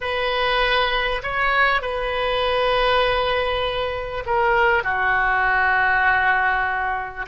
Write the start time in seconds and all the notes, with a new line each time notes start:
0.00 B4
1.23 C#5
1.81 B4
4.26 A#4
4.83 F#4